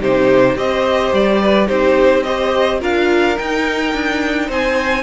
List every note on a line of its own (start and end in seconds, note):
0.00 0.55 C3
0.00 0.56 D#4
0.00 0.56 G4
0.00 0.57 C5
0.55 1.11 C4
0.55 1.67 G4
0.55 1.42 C5
0.55 1.13 D#5
1.12 1.69 G3
1.12 1.67 D5
1.42 1.67 B4
1.67 2.82 C4
1.67 2.23 D#4
1.67 2.23 G4
1.67 2.23 C5
2.23 2.80 G4
2.23 2.80 C5
2.23 2.79 D#5
2.80 3.38 D4
2.80 3.36 F4
2.80 4.47 A#4
2.80 3.38 F5
3.36 5.02 D#4
3.36 3.93 D#4
3.36 4.50 G5
3.93 4.48 D4
4.47 5.02 C4
4.47 5.02 C5
4.47 5.02 G#5